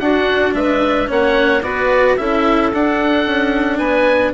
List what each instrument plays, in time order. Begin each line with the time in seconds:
0.00 bassoon D4, cello D4, clarinet F#4, oboe F#5
0.54 bassoon G#3, clarinet B4, oboe E5
1.08 bassoon A#3, cello C#4, clarinet C#5, oboe F#5
1.63 bassoon B3, cello F#4, clarinet B4, oboe D5
2.17 bassoon C#4, cello E4, clarinet A4, oboe E5
2.73 bassoon D4, cello D4, oboe F#5
3.26 bassoon C#4
3.78 bassoon B3, clarinet B4, oboe G#5